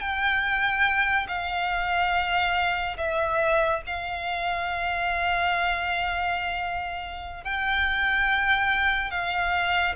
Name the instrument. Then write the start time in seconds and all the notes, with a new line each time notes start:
violin
0.00 G5
1.28 F5
2.97 E5
3.86 F5
7.44 G5
9.11 F5